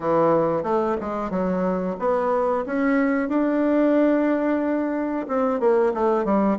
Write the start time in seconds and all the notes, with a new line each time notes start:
0.00 E3
0.63 A3
1.00 G#3
1.30 F#3
1.99 B3
2.66 C#4
3.28 D4
5.27 C4
5.60 A#3
5.94 A3
6.24 G3